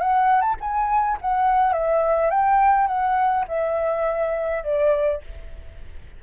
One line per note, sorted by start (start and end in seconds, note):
0.00 0.41 F#5
0.41 0.55 A5
0.60 1.18 G#5
1.21 1.73 F#5
1.73 2.30 E5
2.30 2.87 G5
2.87 3.45 F#5
3.48 4.63 E5
4.63 5.21 D5